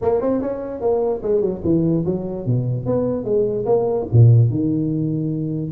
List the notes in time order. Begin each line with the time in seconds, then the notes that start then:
0.01 A#3
0.21 C4
0.41 C#4
0.81 A#3
1.22 G#3
1.41 F#3
1.63 E3
2.05 F#3
2.45 B2
2.86 B3
3.24 G#3
3.65 A#3
4.12 A#2
4.50 D#3